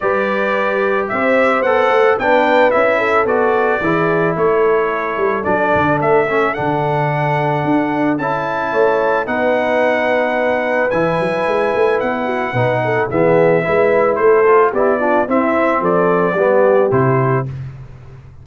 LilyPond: <<
  \new Staff \with { instrumentName = "trumpet" } { \time 4/4 \tempo 4 = 110 d''2 e''4 fis''4 | g''4 e''4 d''2 | cis''2 d''4 e''4 | fis''2. a''4~ |
a''4 fis''2. | gis''2 fis''2 | e''2 c''4 d''4 | e''4 d''2 c''4 | }
  \new Staff \with { instrumentName = "horn" } { \time 4/4 b'2 c''2 | b'4. a'4. gis'4 | a'1~ | a'1 |
cis''4 b'2.~ | b'2~ b'8 fis'8 b'8 a'8 | gis'4 b'4 a'4 g'8 f'8 | e'4 a'4 g'2 | }
  \new Staff \with { instrumentName = "trombone" } { \time 4/4 g'2. a'4 | d'4 e'4 fis'4 e'4~ | e'2 d'4. cis'8 | d'2. e'4~ |
e'4 dis'2. | e'2. dis'4 | b4 e'4. f'8 e'8 d'8 | c'2 b4 e'4 | }
  \new Staff \with { instrumentName = "tuba" } { \time 4/4 g2 c'4 b8 a8 | b4 cis'4 b4 e4 | a4. g8 fis8 d8 a4 | d2 d'4 cis'4 |
a4 b2. | e8 fis8 gis8 a8 b4 b,4 | e4 gis4 a4 b4 | c'4 f4 g4 c4 | }
>>